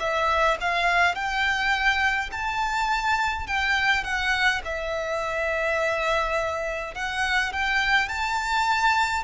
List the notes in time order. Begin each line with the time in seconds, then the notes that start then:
0.00 E5
0.61 F5
1.15 G5
2.32 A5
3.48 G5
4.04 F#5
4.65 E5
6.95 F#5
7.53 G5
8.09 A5